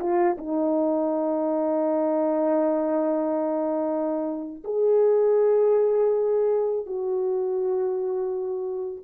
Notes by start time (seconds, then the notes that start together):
0.00 F4
0.38 D#4
4.65 G#4
6.87 F#4